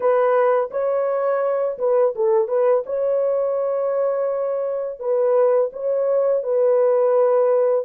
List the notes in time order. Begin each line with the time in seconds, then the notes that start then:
0.00 B4
0.70 C#5
1.78 B4
2.15 A4
2.48 B4
2.86 C#5
4.99 B4
5.72 C#5
6.43 B4